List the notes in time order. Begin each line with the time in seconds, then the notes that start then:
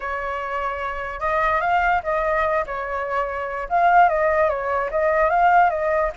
0.00 C#5
1.20 D#5
1.60 F5
2.03 D#5
2.66 C#5
3.69 F5
4.08 D#5
4.49 C#5
4.91 D#5
5.30 F5
5.70 D#5